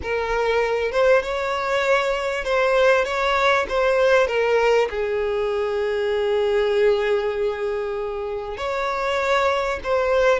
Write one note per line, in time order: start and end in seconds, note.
0.02 0.91 A#4
0.91 1.22 C5
1.22 2.44 C#5
2.44 3.04 C5
3.04 3.66 C#5
3.68 4.27 C5
4.27 4.88 A#4
4.90 8.57 G#4
8.57 9.79 C#5
9.83 10.39 C5